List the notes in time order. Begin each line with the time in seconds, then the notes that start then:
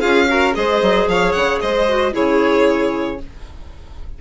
0.00 C#4 F4 G#4 F5
0.28 F#4 A#4
0.53 G#3 G#4 C5 D#5
0.81 F#3
1.07 F3 C#5 F5
1.32 C#3 F#5
1.61 G#3 C5 D#5
1.87 F#4
2.11 C#3 E4 G#4 C#5